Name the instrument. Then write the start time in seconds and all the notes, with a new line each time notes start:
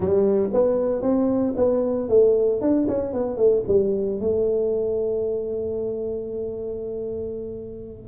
tuba
0.00 G3
0.53 B3
1.02 C4
1.56 B3
2.08 A3
2.61 D4
2.88 C#4
3.13 B3
3.37 A3
3.67 G3
4.20 A3